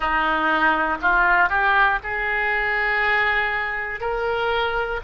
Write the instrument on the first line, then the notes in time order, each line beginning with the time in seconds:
oboe
0.00 D#4
1.01 F4
1.49 G4
2.03 G#4
4.00 A#4